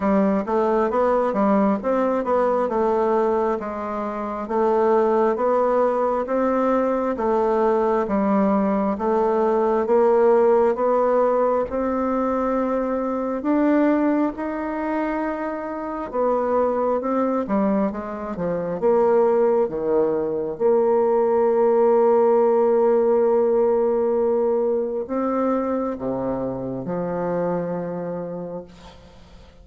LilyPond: \new Staff \with { instrumentName = "bassoon" } { \time 4/4 \tempo 4 = 67 g8 a8 b8 g8 c'8 b8 a4 | gis4 a4 b4 c'4 | a4 g4 a4 ais4 | b4 c'2 d'4 |
dis'2 b4 c'8 g8 | gis8 f8 ais4 dis4 ais4~ | ais1 | c'4 c4 f2 | }